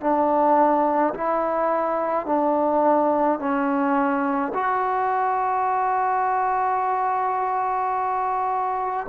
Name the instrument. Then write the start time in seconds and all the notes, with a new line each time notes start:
trombone
0.00 D4
1.14 E4
2.26 D4
3.39 C#4
4.53 F#4